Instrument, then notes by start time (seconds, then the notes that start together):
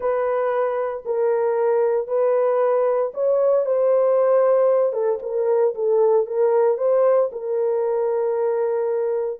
horn
0.00 B4
1.05 A#4
2.07 B4
3.14 C#5
3.65 C5
4.93 A4
5.22 A#4
5.75 A4
6.26 A#4
6.77 C5
7.32 A#4